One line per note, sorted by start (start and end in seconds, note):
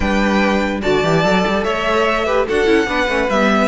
0.00 0.82 G3
0.00 0.82 D4
0.00 0.80 B4
0.00 0.81 G5
0.81 1.03 D3
0.81 1.02 F#4
0.81 1.63 D5
0.81 1.63 A5
1.03 1.24 E3
1.03 1.23 G4
1.23 1.44 F#3
1.23 2.26 A4
1.46 1.65 G3
1.64 2.47 A3
1.64 2.25 C#5
1.64 2.46 E5
2.25 2.46 G4
2.25 2.46 B4
2.47 2.66 D4
2.47 2.66 F#4
2.47 2.88 A4
2.47 3.29 F#5
2.66 2.86 C#4
2.66 2.86 E4
2.86 3.07 B3
2.86 3.08 D4
2.86 3.68 B4
3.08 3.28 A3
3.08 3.29 C#4
3.29 3.68 G3
3.29 3.68 B3
3.29 3.68 E5